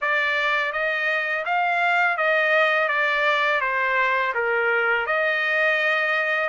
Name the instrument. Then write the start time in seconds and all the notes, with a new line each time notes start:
trumpet
0.01 D5
0.72 D#5
1.45 F5
2.17 D#5
2.88 D5
3.60 C5
4.34 A#4
5.06 D#5